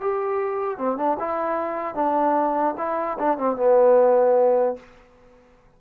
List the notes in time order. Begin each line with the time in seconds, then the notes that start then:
0.00 G4
0.78 C4
0.97 D4
1.19 E4
1.95 D4
2.77 E4
3.18 D4
3.37 C4
3.56 B3